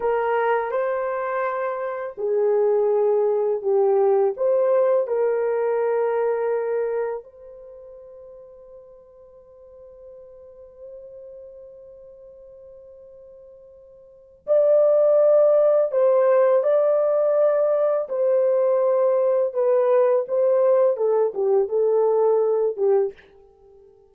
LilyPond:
\new Staff \with { instrumentName = "horn" } { \time 4/4 \tempo 4 = 83 ais'4 c''2 gis'4~ | gis'4 g'4 c''4 ais'4~ | ais'2 c''2~ | c''1~ |
c''1 | d''2 c''4 d''4~ | d''4 c''2 b'4 | c''4 a'8 g'8 a'4. g'8 | }